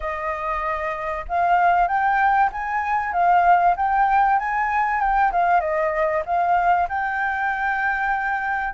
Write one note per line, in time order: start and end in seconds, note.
0.00 1.25 D#5
1.28 1.87 F5
1.87 2.50 G5
2.52 3.12 G#5
3.12 3.75 F5
3.76 4.39 G5
4.39 5.00 G#5
5.00 5.31 G5
5.32 5.60 F5
5.60 6.22 D#5
6.25 6.88 F5
6.88 8.73 G5